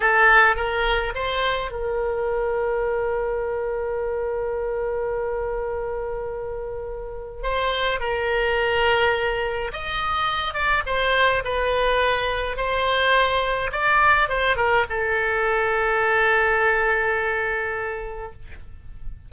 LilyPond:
\new Staff \with { instrumentName = "oboe" } { \time 4/4 \tempo 4 = 105 a'4 ais'4 c''4 ais'4~ | ais'1~ | ais'1~ | ais'4 c''4 ais'2~ |
ais'4 dis''4. d''8 c''4 | b'2 c''2 | d''4 c''8 ais'8 a'2~ | a'1 | }